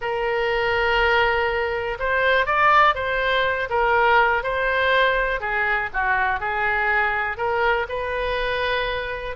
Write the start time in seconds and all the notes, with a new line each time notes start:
0.01 A#4
1.99 C5
2.46 D5
2.94 C5
3.69 A#4
4.43 C5
5.40 G#4
5.93 F#4
6.40 G#4
7.37 A#4
7.88 B4